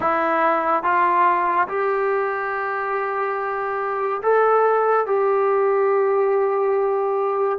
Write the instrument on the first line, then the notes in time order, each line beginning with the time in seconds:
trombone
0.00 E4
0.83 F4
1.68 G4
4.22 A4
5.06 G4